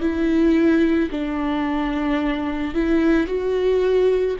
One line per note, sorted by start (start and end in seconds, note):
0.00 1.09 E4
1.11 2.74 D4
2.74 3.27 E4
3.27 4.36 F#4